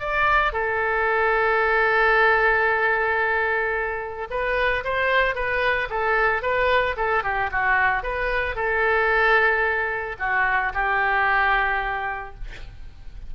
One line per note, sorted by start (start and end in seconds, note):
0.00 0.53 D5
0.53 4.28 A4
4.31 4.84 B4
4.85 5.35 C5
5.35 5.89 B4
5.90 6.43 A4
6.43 6.96 B4
6.97 7.24 A4
7.24 7.51 G4
7.52 8.03 F#4
8.03 8.56 B4
8.56 10.17 A4
10.20 10.73 F#4
10.74 12.35 G4